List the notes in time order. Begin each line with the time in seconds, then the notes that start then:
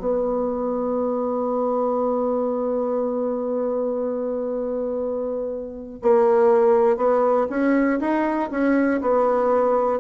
0.00 B3
6.03 A#3
6.97 B3
7.50 C#4
8.01 D#4
8.51 C#4
9.02 B3